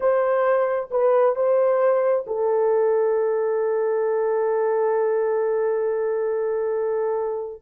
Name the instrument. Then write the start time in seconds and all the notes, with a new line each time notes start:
horn
0.00 C5
0.90 B4
1.35 C5
2.26 A4